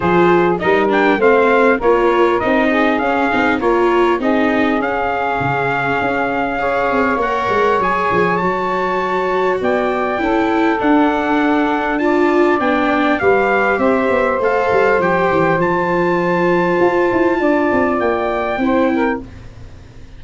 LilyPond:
<<
  \new Staff \with { instrumentName = "trumpet" } { \time 4/4 \tempo 4 = 100 c''4 dis''8 g''8 f''4 cis''4 | dis''4 f''4 cis''4 dis''4 | f''1 | fis''4 gis''4 a''2 |
g''2 fis''2 | a''4 g''4 f''4 e''4 | f''4 g''4 a''2~ | a''2 g''2 | }
  \new Staff \with { instrumentName = "saxophone" } { \time 4/4 gis'4 ais'4 c''4 ais'4~ | ais'8 gis'4. ais'4 gis'4~ | gis'2. cis''4~ | cis''1 |
d''4 a'2. | d''2 b'4 c''4~ | c''1~ | c''4 d''2 c''8 ais'8 | }
  \new Staff \with { instrumentName = "viola" } { \time 4/4 f'4 dis'8 d'8 c'4 f'4 | dis'4 cis'8 dis'8 f'4 dis'4 | cis'2. gis'4 | ais'4 gis'4 fis'2~ |
fis'4 e'4 d'2 | f'4 d'4 g'2 | a'4 g'4 f'2~ | f'2. e'4 | }
  \new Staff \with { instrumentName = "tuba" } { \time 4/4 f4 g4 a4 ais4 | c'4 cis'8 c'8 ais4 c'4 | cis'4 cis4 cis'4. c'8 | ais8 gis8 fis8 f8 fis2 |
b4 cis'4 d'2~ | d'4 b4 g4 c'8 b8 | a8 g8 f8 e8 f2 | f'8 e'8 d'8 c'8 ais4 c'4 | }
>>